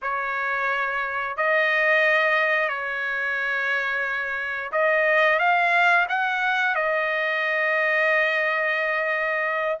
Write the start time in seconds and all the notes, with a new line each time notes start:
0.02 C#5
1.37 D#5
2.68 C#5
4.72 D#5
5.39 F5
6.09 F#5
6.75 D#5